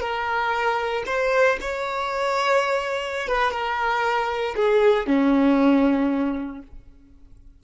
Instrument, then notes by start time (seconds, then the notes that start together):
violin
0.00 A#4
1.06 C5
1.61 C#5
3.28 B4
3.51 A#4
4.56 G#4
5.07 C#4